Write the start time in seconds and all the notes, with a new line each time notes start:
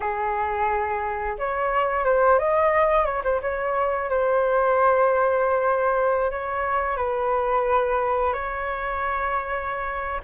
0.00 G#4
1.38 C#5
2.04 C5
2.38 D#5
3.05 C#5
3.24 C5
3.41 C#5
4.09 C5
6.30 C#5
6.96 B4
8.33 C#5